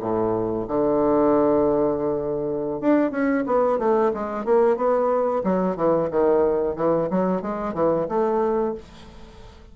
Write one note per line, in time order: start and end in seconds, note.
0.00 0.66 A2
0.67 2.80 D3
2.80 3.11 D4
3.11 3.44 C#4
3.46 3.79 B3
3.79 4.11 A3
4.14 4.45 G#3
4.45 4.76 A#3
4.76 5.42 B3
5.43 5.76 F#3
5.76 6.09 E3
6.10 6.76 D#3
6.76 7.08 E3
7.10 7.42 F#3
7.42 7.74 G#3
7.74 8.06 E3
8.08 8.74 A3